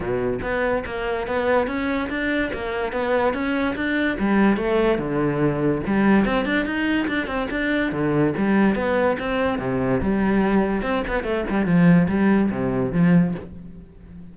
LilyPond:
\new Staff \with { instrumentName = "cello" } { \time 4/4 \tempo 4 = 144 b,4 b4 ais4 b4 | cis'4 d'4 ais4 b4 | cis'4 d'4 g4 a4 | d2 g4 c'8 d'8 |
dis'4 d'8 c'8 d'4 d4 | g4 b4 c'4 c4 | g2 c'8 b8 a8 g8 | f4 g4 c4 f4 | }